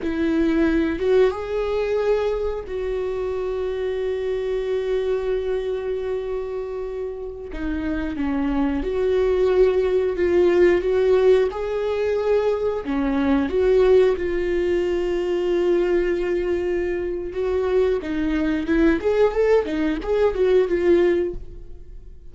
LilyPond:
\new Staff \with { instrumentName = "viola" } { \time 4/4 \tempo 4 = 90 e'4. fis'8 gis'2 | fis'1~ | fis'2.~ fis'16 dis'8.~ | dis'16 cis'4 fis'2 f'8.~ |
f'16 fis'4 gis'2 cis'8.~ | cis'16 fis'4 f'2~ f'8.~ | f'2 fis'4 dis'4 | e'8 gis'8 a'8 dis'8 gis'8 fis'8 f'4 | }